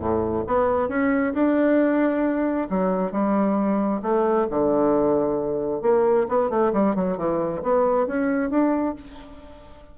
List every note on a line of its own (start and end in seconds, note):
0.00 0.45 A2
0.48 0.89 B3
0.89 1.34 C#4
1.34 2.69 D4
2.70 3.12 F#3
3.12 4.02 G3
4.03 4.48 A3
4.51 5.82 D3
5.82 6.27 A#3
6.29 6.50 B3
6.50 6.73 A3
6.73 6.96 G3
6.96 7.18 F#3
7.18 7.63 E3
7.63 8.08 B3
8.08 8.51 C#4
8.51 8.96 D4